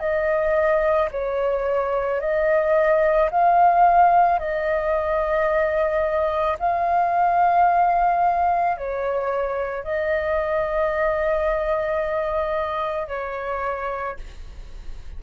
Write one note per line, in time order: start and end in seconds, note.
0.00 1.09 D#5
1.12 2.21 C#5
2.21 3.30 D#5
3.31 4.40 F5
4.40 6.58 D#5
6.60 8.78 F5
8.78 9.84 C#5
9.84 13.08 D#5
13.08 14.17 C#5